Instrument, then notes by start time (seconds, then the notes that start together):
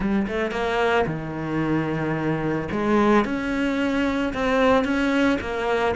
cello
0.00 G3
0.27 A3
0.51 A#3
1.06 D#3
2.71 G#3
3.25 C#4
4.33 C4
4.84 C#4
5.40 A#3